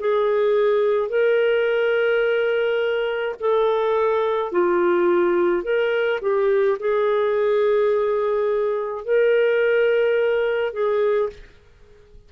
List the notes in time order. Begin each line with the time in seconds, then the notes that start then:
0.00 G#4
1.09 A#4
3.40 A4
4.52 F4
5.63 A#4
6.21 G4
6.79 G#4
9.05 A#4
10.73 G#4